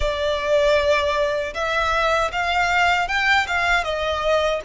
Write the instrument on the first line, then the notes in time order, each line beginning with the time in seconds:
violin
0.00 D5
1.54 E5
2.31 F5
3.08 G5
3.47 F5
3.84 D#5